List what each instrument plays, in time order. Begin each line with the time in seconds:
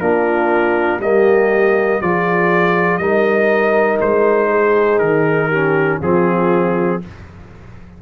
0.00 tuba A#3, trombone D4, horn F4, trumpet A#4
0.99 tuba G3, trombone A#3, horn G4, trumpet D#5
2.01 tuba F3, trombone F4, horn G#4, trumpet D5
2.97 tuba G3, trombone D#4, horn A#4, trumpet D#5
4.01 tuba G#3, trumpet C5
4.50 horn G#4
4.99 tuba D#3, trumpet A#4
5.48 trombone C#4, horn G4
5.98 tuba F3, trombone C4, horn F4, trumpet G#4